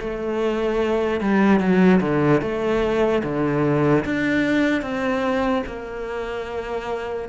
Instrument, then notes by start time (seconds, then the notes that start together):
cello
0.00 A3
1.21 G3
1.60 F#3
2.01 D3
2.42 A3
3.24 D3
4.05 D4
4.82 C4
5.66 A#3